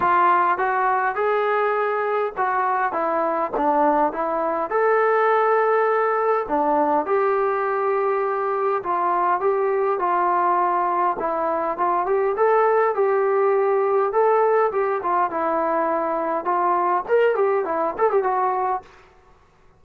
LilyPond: \new Staff \with { instrumentName = "trombone" } { \time 4/4 \tempo 4 = 102 f'4 fis'4 gis'2 | fis'4 e'4 d'4 e'4 | a'2. d'4 | g'2. f'4 |
g'4 f'2 e'4 | f'8 g'8 a'4 g'2 | a'4 g'8 f'8 e'2 | f'4 ais'8 g'8 e'8 a'16 g'16 fis'4 | }